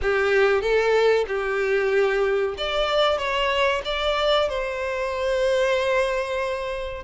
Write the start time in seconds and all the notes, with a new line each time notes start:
0.02 G4
0.61 A4
1.27 G4
2.57 D5
3.17 C#5
3.84 D5
4.49 C5